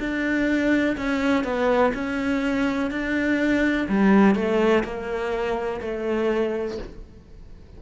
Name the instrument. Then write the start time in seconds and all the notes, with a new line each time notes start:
cello
0.00 D4
0.97 C#4
1.44 B3
1.94 C#4
2.91 D4
3.88 G3
4.35 A3
4.84 A#3
5.82 A3